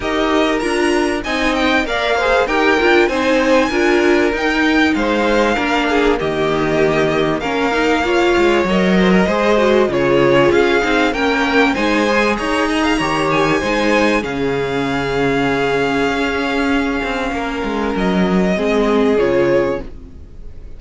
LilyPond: <<
  \new Staff \with { instrumentName = "violin" } { \time 4/4 \tempo 4 = 97 dis''4 ais''4 gis''8 g''8 f''4 | g''4 gis''2 g''4 | f''2 dis''2 | f''2 dis''2 |
cis''4 f''4 g''4 gis''4 | ais''4. gis''4. f''4~ | f''1~ | f''4 dis''2 cis''4 | }
  \new Staff \with { instrumentName = "violin" } { \time 4/4 ais'2 dis''4 d''8 c''8 | ais'4 c''4 ais'2 | c''4 ais'8 gis'8 g'2 | ais'4 cis''4. c''16 ais'16 c''4 |
gis'2 ais'4 c''4 | cis''8 dis''16 f''16 cis''4 c''4 gis'4~ | gis'1 | ais'2 gis'2 | }
  \new Staff \with { instrumentName = "viola" } { \time 4/4 g'4 f'4 dis'4 ais'8 gis'8 | g'8 f'8 dis'4 f'4 dis'4~ | dis'4 d'4 ais2 | cis'8 dis'8 f'4 ais'4 gis'8 fis'8 |
f'4. dis'8 cis'4 dis'8 gis'8~ | gis'4 g'4 dis'4 cis'4~ | cis'1~ | cis'2 c'4 f'4 | }
  \new Staff \with { instrumentName = "cello" } { \time 4/4 dis'4 d'4 c'4 ais4 | dis'8 d'8 c'4 d'4 dis'4 | gis4 ais4 dis2 | ais4. gis8 fis4 gis4 |
cis4 cis'8 c'8 ais4 gis4 | dis'4 dis4 gis4 cis4~ | cis2 cis'4. c'8 | ais8 gis8 fis4 gis4 cis4 | }
>>